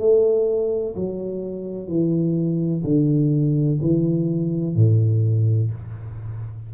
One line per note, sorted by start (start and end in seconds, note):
0.00 0.95 A3
0.96 1.88 F#3
1.88 2.84 E3
2.84 3.80 D3
3.82 4.76 E3
4.76 5.71 A2